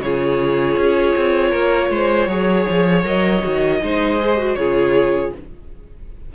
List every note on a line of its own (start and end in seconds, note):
0.00 0.76 C#3
0.00 2.29 F4
0.00 1.50 G#4
0.00 3.05 C#5
0.77 1.15 C#4
1.16 1.52 C4
1.50 1.90 A#3
1.50 1.88 A#4
1.90 2.28 G#3
1.90 2.29 C5
2.28 2.66 F#3
2.28 3.04 G#4
2.28 3.81 C#5
2.69 3.05 F3
3.04 3.43 F#3
3.04 3.42 A#4
3.04 4.55 D#5
3.42 3.82 D#3
3.42 3.80 F#4
3.82 4.56 G#3
3.82 4.19 D#4
3.82 4.58 C5
4.19 4.38 G#4
4.38 4.57 F#4
4.55 5.32 C#3
4.55 5.34 F4
4.55 5.34 G#4
4.55 5.31 C#5